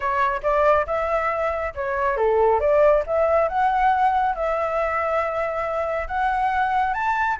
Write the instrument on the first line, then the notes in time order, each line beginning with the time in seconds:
flute
0.00 C#5
0.42 D5
0.86 E5
1.75 C#5
2.17 A4
2.59 D5
3.06 E5
3.48 F#5
4.35 E5
6.07 F#5
6.93 A5